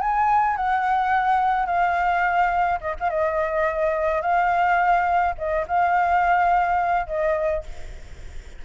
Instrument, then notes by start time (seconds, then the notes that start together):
flute
0.00 G#5
0.56 F#5
1.65 F5
2.81 D#5
2.99 F5
3.09 D#5
4.21 F5
5.37 D#5
5.67 F5
7.07 D#5